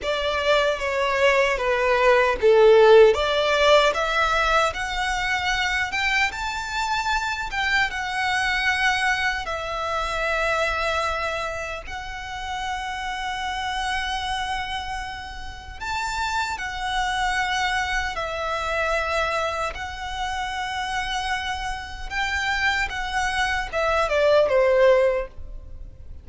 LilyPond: \new Staff \with { instrumentName = "violin" } { \time 4/4 \tempo 4 = 76 d''4 cis''4 b'4 a'4 | d''4 e''4 fis''4. g''8 | a''4. g''8 fis''2 | e''2. fis''4~ |
fis''1 | a''4 fis''2 e''4~ | e''4 fis''2. | g''4 fis''4 e''8 d''8 c''4 | }